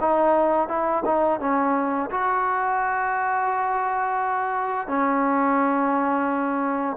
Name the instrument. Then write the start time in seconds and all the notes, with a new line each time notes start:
trombone
0.00 D#4
0.68 E4
1.05 D#4
1.40 C#4
2.10 F#4
4.87 C#4